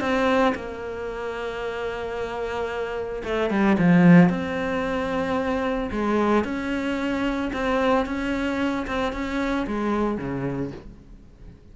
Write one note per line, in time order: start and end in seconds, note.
0.00 0.54 C4
0.55 3.23 A#3
3.24 3.50 A3
3.50 3.76 G3
3.78 4.29 F3
4.29 5.90 C4
5.91 6.44 G#3
6.44 7.51 C#4
7.53 8.06 C4
8.06 8.86 C#4
8.87 9.12 C4
9.12 9.66 C#4
9.66 10.17 G#3
10.17 10.71 C#3